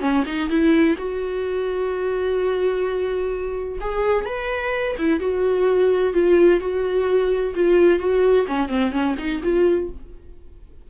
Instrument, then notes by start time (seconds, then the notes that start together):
viola
0.00 C#4
0.26 D#4
0.49 E4
0.97 F#4
3.81 G#4
4.25 B4
4.98 E4
5.19 F#4
6.13 F4
6.60 F#4
7.55 F4
7.99 F#4
8.47 C#4
8.68 C4
8.91 C#4
9.18 D#4
9.43 F4